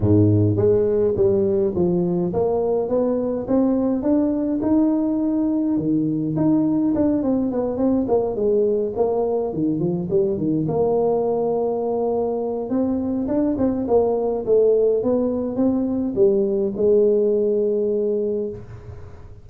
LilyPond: \new Staff \with { instrumentName = "tuba" } { \time 4/4 \tempo 4 = 104 gis,4 gis4 g4 f4 | ais4 b4 c'4 d'4 | dis'2 dis4 dis'4 | d'8 c'8 b8 c'8 ais8 gis4 ais8~ |
ais8 dis8 f8 g8 dis8 ais4.~ | ais2 c'4 d'8 c'8 | ais4 a4 b4 c'4 | g4 gis2. | }